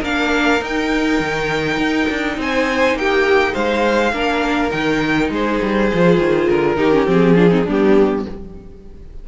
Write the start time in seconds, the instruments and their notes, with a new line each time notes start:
0.00 cello A#3, viola D4, violin A#4 F5
0.59 viola D#4, cello D#4, violin G5
1.20 cello D#3
1.77 cello D#4
2.09 cello D4
2.37 cello C4, violin C5 G#5
2.94 cello A#3, violin G4 G5
3.53 cello G#3, violin C5 F5
4.12 cello A#3, viola D4, violin A#4
4.70 cello D#3, viola D#4, violin G5
5.29 cello G#3, violin G#4 C5
5.62 cello G3
5.92 cello F3, viola F4
6.18 cello D#3
6.49 cello D3, violin A#4
6.76 cello D#3, viola D#4, violin G4
6.91 viola C#4
7.06 cello F3, viola C4
7.12 violin G#4
7.35 viola D4, violin F4
7.50 viola C4, violin D#4
7.64 cello G3, viola B3, violin D4 G4